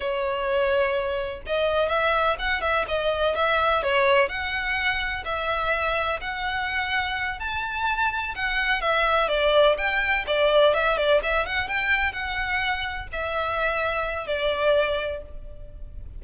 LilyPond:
\new Staff \with { instrumentName = "violin" } { \time 4/4 \tempo 4 = 126 cis''2. dis''4 | e''4 fis''8 e''8 dis''4 e''4 | cis''4 fis''2 e''4~ | e''4 fis''2~ fis''8 a''8~ |
a''4. fis''4 e''4 d''8~ | d''8 g''4 d''4 e''8 d''8 e''8 | fis''8 g''4 fis''2 e''8~ | e''2 d''2 | }